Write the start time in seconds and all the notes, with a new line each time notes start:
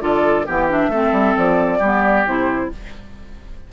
0.00 D3 F4 A4 D5
0.46 E3 B3 G4 G5
0.69 D4 E5
0.88 A3 C4 A4
1.12 G3
1.36 F3 D5
1.78 G3 B3 G4
2.25 C3 E4 C5